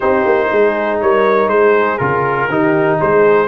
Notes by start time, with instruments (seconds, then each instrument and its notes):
0.00 tuba C4, trombone D#4, horn G4, trumpet C5
0.25 tuba A#3
0.52 tuba G#3, horn G#4
1.00 tuba G3, horn A#4, trumpet C#5
1.47 tuba G#3, horn G#4, trumpet C5
1.97 tuba C#3, trombone F4, trumpet A#4
2.48 tuba D#3, trombone D#4, horn G4
3.00 tuba G#3, horn G#4, trumpet C5